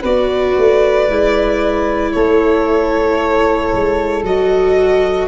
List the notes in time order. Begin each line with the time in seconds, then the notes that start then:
0.00 B3 F#4 B4 D5
0.57 A3
1.08 G#3 E4
2.12 A3 A4 C#5
3.73 G#3
4.22 F#3 F#4 D#5